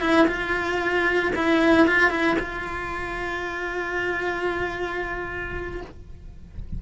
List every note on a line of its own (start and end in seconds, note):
0.00 0.26 E4
0.27 1.32 F4
1.36 1.87 E4
1.87 2.10 F4
2.10 2.36 E4
2.39 5.81 F4